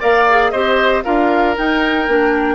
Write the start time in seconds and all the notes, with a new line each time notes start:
0.00 A#3 A#4 D5 F5
0.30 G#4
0.51 C4 G4 C5 D#5
1.04 D4 F4 A#4 F5
1.57 D#4 G5
2.08 A#3 D4